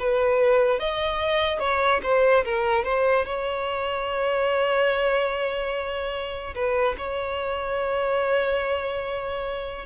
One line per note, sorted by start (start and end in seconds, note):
0.00 0.80 B4
0.80 1.60 D#5
1.60 2.01 C#5
2.04 2.45 C5
2.45 2.85 A#4
2.85 3.26 C5
3.26 6.55 C#5
6.55 6.96 B4
6.98 9.86 C#5